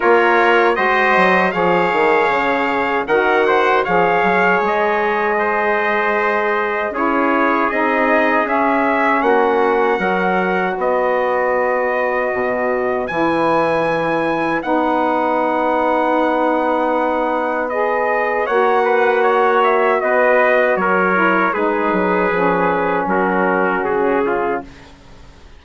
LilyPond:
<<
  \new Staff \with { instrumentName = "trumpet" } { \time 4/4 \tempo 4 = 78 cis''4 dis''4 f''2 | fis''4 f''4 dis''2~ | dis''4 cis''4 dis''4 e''4 | fis''2 dis''2~ |
dis''4 gis''2 fis''4~ | fis''2. dis''4 | fis''4. e''8 dis''4 cis''4 | b'2 ais'4 gis'4 | }
  \new Staff \with { instrumentName = "trumpet" } { \time 4/4 ais'4 c''4 cis''2 | ais'8 c''8 cis''2 c''4~ | c''4 gis'2. | fis'4 ais'4 b'2~ |
b'1~ | b'1 | cis''8 b'8 cis''4 b'4 ais'4 | gis'2 fis'4. f'8 | }
  \new Staff \with { instrumentName = "saxophone" } { \time 4/4 f'4 fis'4 gis'2 | fis'4 gis'2.~ | gis'4 e'4 dis'4 cis'4~ | cis'4 fis'2.~ |
fis'4 e'2 dis'4~ | dis'2. gis'4 | fis'2.~ fis'8 e'8 | dis'4 cis'2. | }
  \new Staff \with { instrumentName = "bassoon" } { \time 4/4 ais4 gis8 fis8 f8 dis8 cis4 | dis4 f8 fis8 gis2~ | gis4 cis'4 c'4 cis'4 | ais4 fis4 b2 |
b,4 e2 b4~ | b1 | ais2 b4 fis4 | gis8 fis8 f4 fis4 cis4 | }
>>